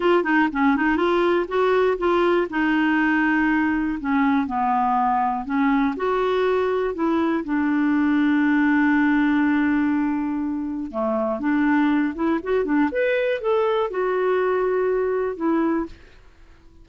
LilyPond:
\new Staff \with { instrumentName = "clarinet" } { \time 4/4 \tempo 4 = 121 f'8 dis'8 cis'8 dis'8 f'4 fis'4 | f'4 dis'2. | cis'4 b2 cis'4 | fis'2 e'4 d'4~ |
d'1~ | d'2 a4 d'4~ | d'8 e'8 fis'8 d'8 b'4 a'4 | fis'2. e'4 | }